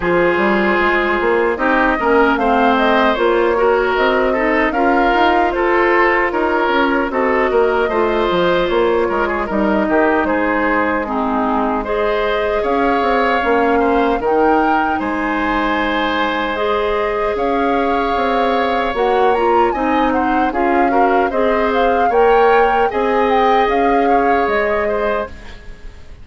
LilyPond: <<
  \new Staff \with { instrumentName = "flute" } { \time 4/4 \tempo 4 = 76 c''2 dis''4 f''8 dis''8 | cis''4 dis''4 f''4 c''4 | cis''4 dis''2 cis''4 | dis''4 c''4 gis'4 dis''4 |
f''2 g''4 gis''4~ | gis''4 dis''4 f''2 | fis''8 ais''8 gis''8 fis''8 f''4 dis''8 f''8 | g''4 gis''8 g''8 f''4 dis''4 | }
  \new Staff \with { instrumentName = "oboe" } { \time 4/4 gis'2 g'8 ais'8 c''4~ | c''8 ais'4 a'8 ais'4 a'4 | ais'4 a'8 ais'8 c''4. ais'16 gis'16 | ais'8 g'8 gis'4 dis'4 c''4 |
cis''4. c''8 ais'4 c''4~ | c''2 cis''2~ | cis''4 dis''8 c''8 gis'8 ais'8 c''4 | cis''4 dis''4. cis''4 c''8 | }
  \new Staff \with { instrumentName = "clarinet" } { \time 4/4 f'2 dis'8 cis'8 c'4 | f'8 fis'4 dis'8 f'2~ | f'4 fis'4 f'2 | dis'2 c'4 gis'4~ |
gis'4 cis'4 dis'2~ | dis'4 gis'2. | fis'8 f'8 dis'4 f'8 fis'8 gis'4 | ais'4 gis'2. | }
  \new Staff \with { instrumentName = "bassoon" } { \time 4/4 f8 g8 gis8 ais8 c'8 ais8 a4 | ais4 c'4 cis'8 dis'8 f'4 | dis'8 cis'8 c'8 ais8 a8 f8 ais8 gis8 | g8 dis8 gis2. |
cis'8 c'8 ais4 dis4 gis4~ | gis2 cis'4 c'4 | ais4 c'4 cis'4 c'4 | ais4 c'4 cis'4 gis4 | }
>>